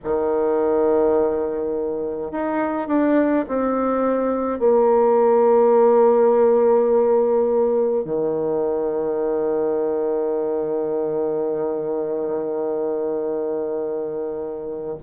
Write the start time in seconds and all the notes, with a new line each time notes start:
0.04 D#3
2.31 D#4
2.87 D4
3.48 C4
4.59 A#3
8.05 D#3